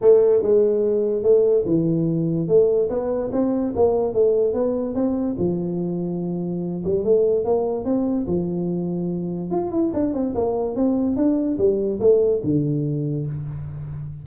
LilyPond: \new Staff \with { instrumentName = "tuba" } { \time 4/4 \tempo 4 = 145 a4 gis2 a4 | e2 a4 b4 | c'4 ais4 a4 b4 | c'4 f2.~ |
f8 g8 a4 ais4 c'4 | f2. f'8 e'8 | d'8 c'8 ais4 c'4 d'4 | g4 a4 d2 | }